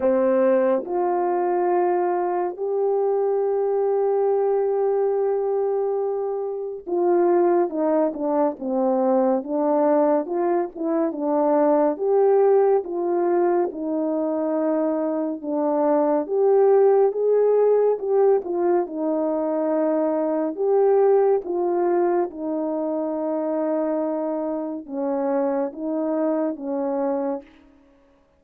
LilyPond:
\new Staff \with { instrumentName = "horn" } { \time 4/4 \tempo 4 = 70 c'4 f'2 g'4~ | g'1 | f'4 dis'8 d'8 c'4 d'4 | f'8 e'8 d'4 g'4 f'4 |
dis'2 d'4 g'4 | gis'4 g'8 f'8 dis'2 | g'4 f'4 dis'2~ | dis'4 cis'4 dis'4 cis'4 | }